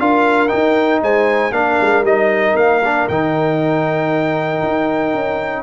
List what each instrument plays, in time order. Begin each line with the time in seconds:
0.00 tuba D4, trombone F4, horn A#4, trumpet F5
0.49 trombone D#4, tuba D#4, trumpet G5
1.03 tuba G#3, horn C5, trumpet G#5
1.52 tuba A#3, trombone D4, horn A#4, trumpet F5
1.82 tuba G#3
2.02 tuba G3, trombone D#4, trumpet D#5
2.56 tuba A#3, trumpet F5
2.85 trombone D4
3.09 tuba D#3, trombone D#4, trumpet G5
4.63 tuba D#4
5.14 tuba C#4